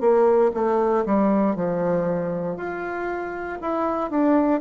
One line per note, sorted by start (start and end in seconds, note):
0.00 0.51 A#3
0.54 1.05 A3
1.05 1.55 G3
1.55 2.57 F3
2.57 3.58 F4
3.61 4.10 E4
4.10 4.60 D4